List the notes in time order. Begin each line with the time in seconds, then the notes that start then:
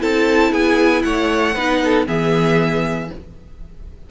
0.00 C4 E4 A4 A5
0.52 B3 G#4 G#5
1.03 A3 C#5 F#5
1.55 B3 D#4 B4
1.85 A4
2.07 E3 B3 G#4 E5